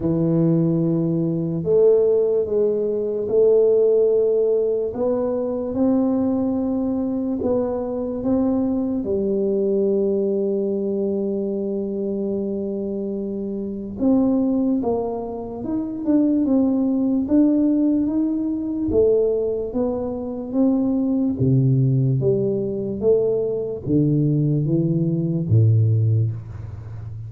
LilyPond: \new Staff \with { instrumentName = "tuba" } { \time 4/4 \tempo 4 = 73 e2 a4 gis4 | a2 b4 c'4~ | c'4 b4 c'4 g4~ | g1~ |
g4 c'4 ais4 dis'8 d'8 | c'4 d'4 dis'4 a4 | b4 c'4 c4 g4 | a4 d4 e4 a,4 | }